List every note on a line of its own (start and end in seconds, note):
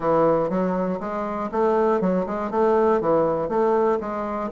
0.00 0.49 E3
0.49 0.99 F#3
1.00 1.50 G#3
1.51 2.00 A3
2.00 2.25 F#3
2.26 2.50 G#3
2.50 3.00 A3
3.00 3.48 E3
3.48 3.98 A3
4.00 4.50 G#3